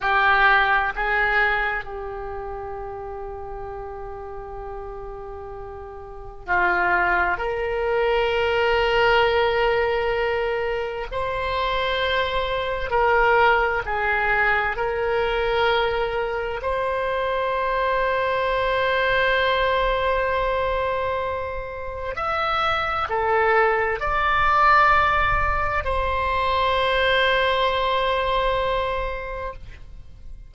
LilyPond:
\new Staff \with { instrumentName = "oboe" } { \time 4/4 \tempo 4 = 65 g'4 gis'4 g'2~ | g'2. f'4 | ais'1 | c''2 ais'4 gis'4 |
ais'2 c''2~ | c''1 | e''4 a'4 d''2 | c''1 | }